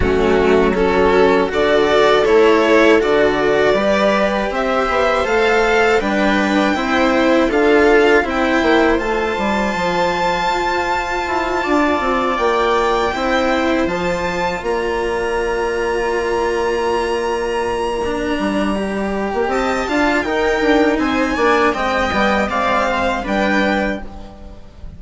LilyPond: <<
  \new Staff \with { instrumentName = "violin" } { \time 4/4 \tempo 4 = 80 fis'4 a'4 d''4 cis''4 | d''2 e''4 f''4 | g''2 f''4 g''4 | a''1~ |
a''8 g''2 a''4 ais''8~ | ais''1~ | ais''2 a''4 g''4 | gis''4 g''4 f''4 g''4 | }
  \new Staff \with { instrumentName = "viola" } { \time 4/4 cis'4 fis'4 a'2~ | a'4 b'4 c''2 | b'4 c''4 a'4 c''4~ | c''2.~ c''8 d''8~ |
d''4. c''2 d''8~ | d''1~ | d''2 dis''8 f''8 ais'4 | c''8 d''8 dis''4 d''8 c''8 b'4 | }
  \new Staff \with { instrumentName = "cello" } { \time 4/4 a4 cis'4 fis'4 e'4 | fis'4 g'2 a'4 | d'4 e'4 f'4 e'4 | f'1~ |
f'4. e'4 f'4.~ | f'1 | d'4 g'4. f'8 dis'4~ | dis'8 d'8 c'8 b8 c'4 d'4 | }
  \new Staff \with { instrumentName = "bassoon" } { \time 4/4 fis2 d4 a4 | d4 g4 c'8 b8 a4 | g4 c'4 d'4 c'8 ais8 | a8 g8 f4 f'4 e'8 d'8 |
c'8 ais4 c'4 f4 ais8~ | ais1~ | ais8 g4~ g16 ais16 c'8 d'8 dis'8 d'8 | c'8 ais8 gis8 g8 gis4 g4 | }
>>